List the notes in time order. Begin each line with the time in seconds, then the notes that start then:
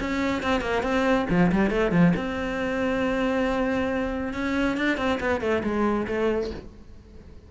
0.00 C#4
0.42 C4
0.61 A#3
0.82 C4
1.30 F3
1.52 G3
1.70 A3
1.91 F3
2.16 C4
4.33 C#4
4.77 D4
4.97 C4
5.20 B3
5.41 A3
5.63 G#3
6.07 A3